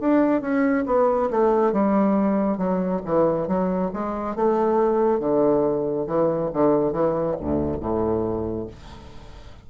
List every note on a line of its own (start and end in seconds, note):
0.00 0.41 D4
0.41 0.85 C#4
0.86 1.30 B3
1.30 1.72 A3
1.72 2.58 G3
2.58 3.01 F#3
3.05 3.47 E3
3.47 3.91 F#3
3.93 4.36 G#3
4.36 5.20 A3
5.20 6.07 D3
6.07 6.51 E3
6.53 6.93 D3
6.93 7.36 E3
7.40 7.80 D2
7.80 8.67 A2